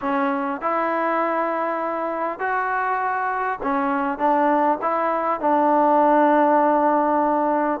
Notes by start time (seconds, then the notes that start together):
0.01 C#4
0.61 E4
2.39 F#4
3.62 C#4
4.18 D4
4.81 E4
5.40 D4